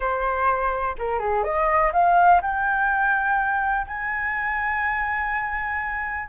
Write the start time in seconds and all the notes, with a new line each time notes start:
0.00 C5
0.98 A#4
1.19 G#4
1.43 D#5
1.92 F5
2.41 G5
3.87 G#5